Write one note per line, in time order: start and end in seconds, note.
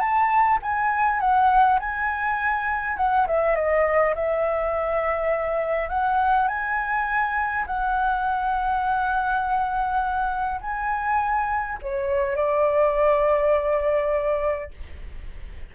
0.00 0.59 A5
0.62 1.20 G#5
1.20 1.79 F#5
1.79 2.97 G#5
2.97 3.26 F#5
3.27 3.55 E5
3.55 4.14 D#5
4.15 5.89 E5
5.89 6.48 F#5
6.48 7.66 G#5
7.67 10.61 F#5
10.61 11.79 G#5
11.82 12.36 C#5
12.36 14.71 D5